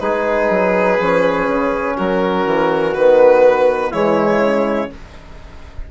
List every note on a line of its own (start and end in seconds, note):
0.00 0.50 G#3
0.00 0.99 D#4
0.00 1.97 G#4
0.00 1.97 B4
0.50 0.99 F#3
0.99 1.47 F3
0.99 2.96 C#4
1.47 1.96 C#3
1.97 2.46 F#3
1.97 3.92 F#4
1.97 2.95 A#4
2.46 2.95 E3
2.95 3.94 D#3
2.95 3.92 B3
2.95 3.93 B4
3.92 4.40 E3
3.92 4.91 G#3
3.92 4.90 E4
3.92 4.92 C#5
4.40 4.89 C#3